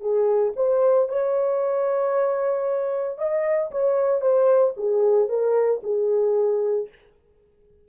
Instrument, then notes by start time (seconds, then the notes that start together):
horn
0.00 G#4
0.56 C5
1.08 C#5
3.18 D#5
3.71 C#5
4.21 C5
4.77 G#4
5.28 A#4
5.83 G#4